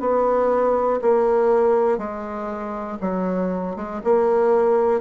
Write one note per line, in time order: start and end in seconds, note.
0.00 1.00 B3
1.01 1.98 A#3
1.98 2.98 G#3
3.01 3.76 F#3
3.76 4.01 G#3
4.04 5.00 A#3